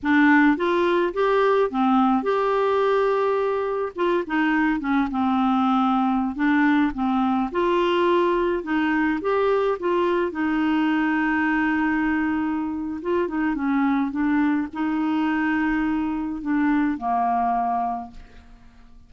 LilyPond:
\new Staff \with { instrumentName = "clarinet" } { \time 4/4 \tempo 4 = 106 d'4 f'4 g'4 c'4 | g'2. f'8 dis'8~ | dis'8 cis'8 c'2~ c'16 d'8.~ | d'16 c'4 f'2 dis'8.~ |
dis'16 g'4 f'4 dis'4.~ dis'16~ | dis'2. f'8 dis'8 | cis'4 d'4 dis'2~ | dis'4 d'4 ais2 | }